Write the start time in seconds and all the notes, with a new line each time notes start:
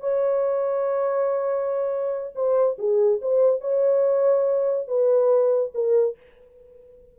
0.00 C#5
2.35 C5
2.78 G#4
3.22 C5
3.61 C#5
4.88 B4
5.74 A#4